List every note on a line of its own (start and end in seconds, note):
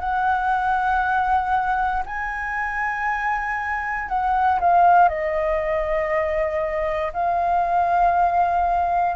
0.00 2.03 F#5
2.06 4.09 G#5
4.09 4.59 F#5
4.60 5.09 F5
5.09 7.12 D#5
7.13 9.16 F5